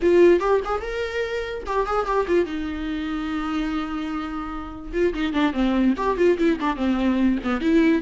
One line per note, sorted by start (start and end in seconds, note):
0.02 0.40 F4
0.40 0.60 G4
0.64 0.81 G#4
0.81 1.63 A#4
1.66 1.86 G4
1.86 2.06 G#4
2.06 2.26 G4
2.27 2.45 F4
2.45 4.92 D#4
4.92 5.13 F4
5.14 5.33 D#4
5.33 5.53 D4
5.53 5.94 C4
5.96 6.17 G4
6.17 6.37 F4
6.38 6.59 E4
6.60 6.76 D4
6.76 7.38 C4
7.43 7.60 B3
7.60 8.01 E4